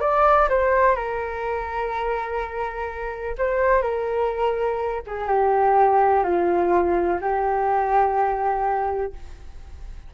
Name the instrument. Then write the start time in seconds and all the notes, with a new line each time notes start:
flute
0.00 D5
0.49 C5
0.95 A#4
3.38 C5
3.81 A#4
5.06 G#4
5.27 G4
6.23 F4
7.20 G4